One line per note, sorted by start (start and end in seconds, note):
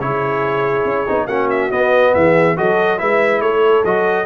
0.00 0.85 C#3
0.00 1.07 E4
0.00 1.27 G#4
0.00 1.27 C#5
0.85 1.06 C#4
1.07 1.27 B3
1.07 1.29 D#4
1.27 1.70 A#3
1.27 1.71 C#4
1.27 2.12 F#4
1.27 1.49 F#5
1.50 1.72 E5
1.71 2.56 B3
1.71 2.15 B3
1.71 2.14 D#5
2.14 2.58 E3
2.14 2.57 G#4
2.14 2.57 E5
2.56 3.01 F#3
2.56 2.98 F#4
2.56 3.00 A4
2.56 2.99 D#5
2.98 3.41 G#3
2.98 3.84 E4
2.98 3.43 B4
2.98 3.41 E5
3.41 3.84 A3
3.41 4.26 A4
3.41 3.84 C#5
3.85 4.26 F#3
3.85 4.26 F#4
3.85 4.26 D#5